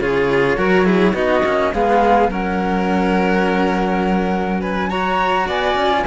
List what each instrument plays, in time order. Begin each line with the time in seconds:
0.00 cello C#3 F4, violin G#4, flute C#5
0.58 cello F#3 F#4, violin A#4
0.86 cello E4, violin G#4
1.14 cello B3 D#4, violin F#4, flute D#5
1.44 cello A#3 C#4
1.74 cello G#3 B3, violin G#4, flute F5
2.29 cello F#3 C#4, violin A#4, flute F#5
4.61 violin B4, flute G#5
4.90 cello F#4, violin C#5, flute A#5
5.47 cello B3, violin D5, flute G#5
5.75 cello C#4
5.91 cello F4